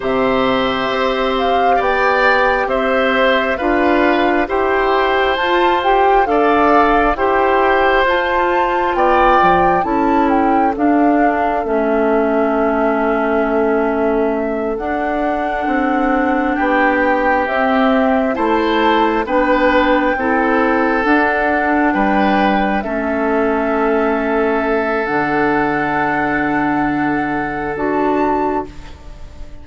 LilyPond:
<<
  \new Staff \with { instrumentName = "flute" } { \time 4/4 \tempo 4 = 67 e''4. f''8 g''4 e''4 | f''4 g''4 a''8 g''8 f''4 | g''4 a''4 g''4 a''8 g''8 | f''4 e''2.~ |
e''8 fis''2 g''4 e''8~ | e''8 a''4 g''2 fis''8~ | fis''8 g''4 e''2~ e''8 | fis''2. a''4 | }
  \new Staff \with { instrumentName = "oboe" } { \time 4/4 c''2 d''4 c''4 | b'4 c''2 d''4 | c''2 d''4 a'4~ | a'1~ |
a'2~ a'8 g'4.~ | g'8 c''4 b'4 a'4.~ | a'8 b'4 a'2~ a'8~ | a'1 | }
  \new Staff \with { instrumentName = "clarinet" } { \time 4/4 g'1 | f'4 g'4 f'8 g'8 a'4 | g'4 f'2 e'4 | d'4 cis'2.~ |
cis'8 d'2. c'8~ | c'8 e'4 d'4 e'4 d'8~ | d'4. cis'2~ cis'8 | d'2. fis'4 | }
  \new Staff \with { instrumentName = "bassoon" } { \time 4/4 c4 c'4 b4 c'4 | d'4 e'4 f'4 d'4 | e'4 f'4 b8 f8 cis'4 | d'4 a2.~ |
a8 d'4 c'4 b4 c'8~ | c'8 a4 b4 c'4 d'8~ | d'8 g4 a2~ a8 | d2. d'4 | }
>>